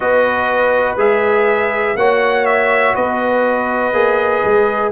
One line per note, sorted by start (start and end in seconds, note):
0.00 0.96 B3
0.00 0.97 F#4
0.00 1.98 B4
0.00 0.95 D#5
0.96 1.94 G#3
0.96 1.95 G#4
0.96 1.97 E5
1.95 2.93 A#3
1.95 3.93 F#4
1.95 2.94 C#5
1.95 2.45 F#5
2.45 2.94 E5
2.94 3.93 B3
2.94 4.91 B4
2.94 4.91 D#5
3.93 4.42 A#3
3.93 4.91 G#4
4.44 4.91 G#3